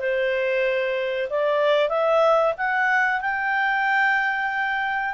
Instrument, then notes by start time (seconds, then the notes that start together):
clarinet
0.00 C5
1.30 D5
1.90 E5
2.58 F#5
3.21 G5